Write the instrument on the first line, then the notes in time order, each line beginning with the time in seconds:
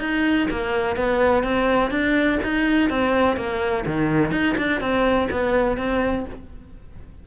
cello
0.00 D#4
0.50 A#3
0.96 B3
1.43 C4
1.90 D4
2.43 D#4
2.90 C4
3.37 A#3
3.86 D#3
4.31 D#4
4.57 D4
4.80 C4
5.31 B3
5.78 C4